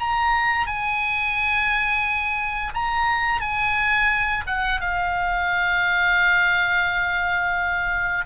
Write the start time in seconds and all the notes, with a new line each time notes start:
0.00 A#5
0.67 G#5
2.75 A#5
3.41 G#5
4.47 F#5
4.81 F5